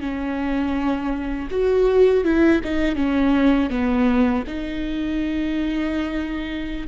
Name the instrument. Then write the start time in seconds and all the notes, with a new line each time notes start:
viola
0.00 C#4
1.50 F#4
2.24 E4
2.63 D#4
2.95 C#4
3.69 B3
4.46 D#4